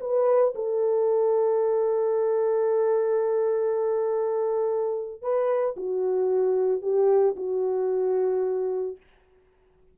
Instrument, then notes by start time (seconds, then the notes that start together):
horn
0.00 B4
0.55 A4
5.22 B4
5.76 F#4
6.82 G4
7.36 F#4